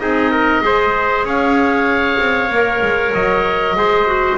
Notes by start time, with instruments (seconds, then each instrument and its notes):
0.00 double bass C4, clarinet D#4, trumpet G#4, oboe D#5
0.31 trumpet A#4
0.62 double bass G#3, clarinet G#4, trumpet C5
1.24 double bass C#4, trumpet C#5, oboe F5
2.19 double bass C4
2.50 double bass A#3, clarinet A#4
2.82 double bass G#3
3.14 double bass F#3, oboe D#5
3.76 double bass G#3, clarinet G#4, trumpet C5
4.07 clarinet F#4